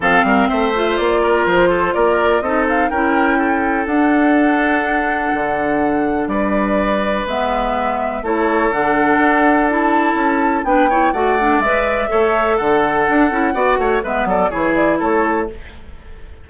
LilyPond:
<<
  \new Staff \with { instrumentName = "flute" } { \time 4/4 \tempo 4 = 124 f''4 e''4 d''4 c''4 | d''4 dis''8 f''8 g''2 | fis''1~ | fis''4 d''2 e''4~ |
e''4 cis''4 fis''2 | a''2 g''4 fis''4 | e''2 fis''2~ | fis''4 e''8 d''8 cis''8 d''8 cis''4 | }
  \new Staff \with { instrumentName = "oboe" } { \time 4/4 a'8 ais'8 c''4. ais'4 a'8 | ais'4 a'4 ais'4 a'4~ | a'1~ | a'4 b'2.~ |
b'4 a'2.~ | a'2 b'8 cis''8 d''4~ | d''4 cis''4 a'2 | d''8 cis''8 b'8 a'8 gis'4 a'4 | }
  \new Staff \with { instrumentName = "clarinet" } { \time 4/4 c'4. f'2~ f'8~ | f'4 dis'4 e'2 | d'1~ | d'2. b4~ |
b4 e'4 d'2 | e'2 d'8 e'8 fis'8 d'8 | b'4 a'2 d'8 e'8 | fis'4 b4 e'2 | }
  \new Staff \with { instrumentName = "bassoon" } { \time 4/4 f8 g8 a4 ais4 f4 | ais4 c'4 cis'2 | d'2. d4~ | d4 g2 gis4~ |
gis4 a4 d4 d'4~ | d'4 cis'4 b4 a4 | gis4 a4 d4 d'8 cis'8 | b8 a8 gis8 fis8 e4 a4 | }
>>